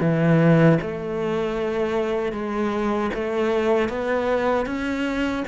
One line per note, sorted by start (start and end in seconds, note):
0.00 0.78 E3
0.81 2.32 A3
2.32 3.10 G#3
3.13 3.89 A3
3.89 4.66 B3
4.66 5.44 C#4